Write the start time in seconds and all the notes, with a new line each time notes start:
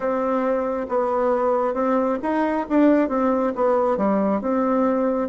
0.00 C4
0.88 B3
1.74 C4
2.22 D#4
2.69 D4
3.08 C4
3.55 B3
3.97 G3
4.41 C4